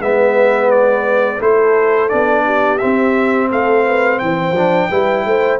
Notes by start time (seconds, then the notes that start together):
0.00 G#3 B3 B4 E5
0.71 D5
1.39 A3 E4 A4 C5
2.09 B3 D4 D5
2.45 G4
2.79 C4 E5
3.50 A3 A4 F5
3.85 B4
4.19 E3 C5 G5
4.52 F3 D4
4.90 G3 E4 B4
5.26 A3 C5